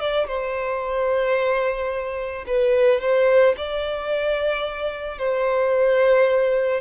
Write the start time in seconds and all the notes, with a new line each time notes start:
0.00 D5
0.27 C5
2.47 B4
3.00 C5
3.57 D5
5.19 C5